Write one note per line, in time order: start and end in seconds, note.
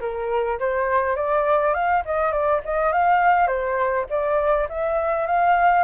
0.00 0.58 A#4
0.59 1.16 C5
1.16 1.74 D5
1.74 2.03 F5
2.05 2.31 D#5
2.31 2.60 D5
2.64 2.92 D#5
2.92 3.47 F5
3.47 4.05 C5
4.09 4.67 D5
4.69 5.26 E5
5.26 5.83 F5